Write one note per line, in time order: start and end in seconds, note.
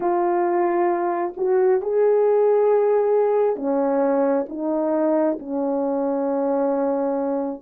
0.00 1.33 F4
1.37 1.81 F#4
1.81 3.56 G#4
3.56 4.45 C#4
4.49 5.38 D#4
5.39 7.62 C#4